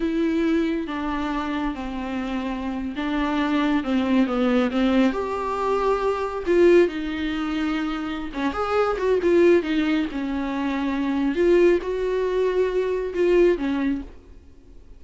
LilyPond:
\new Staff \with { instrumentName = "viola" } { \time 4/4 \tempo 4 = 137 e'2 d'2 | c'2~ c'8. d'4~ d'16~ | d'8. c'4 b4 c'4 g'16~ | g'2~ g'8. f'4 dis'16~ |
dis'2. cis'8 gis'8~ | gis'8 fis'8 f'4 dis'4 cis'4~ | cis'2 f'4 fis'4~ | fis'2 f'4 cis'4 | }